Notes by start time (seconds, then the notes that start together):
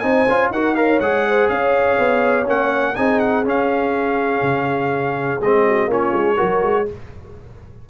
0.00 C4 D#4 C5 G#5
0.28 C#4 F4
0.51 D#4 F#4 A#4 F#5
0.76 A#4 C#5 F5
1.00 G#3 G#4 F#5
1.29 C5
1.49 C#4 C#5 F5
1.99 B3
2.46 A#3 C#4 F#5
2.96 C4 D#4 G#4 G#5
3.20 F#5
3.45 C#4 F5
4.42 C#3
5.41 G#3 C4 D#5
5.66 F#4
5.87 A#3 C#4 F4 C#5
6.14 G#3
6.36 F#3 F#4 A#4
6.63 G#3